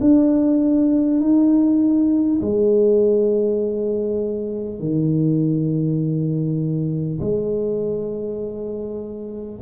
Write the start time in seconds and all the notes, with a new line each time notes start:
0.00 D4
1.20 D#4
2.41 G#3
4.79 D#3
7.20 G#3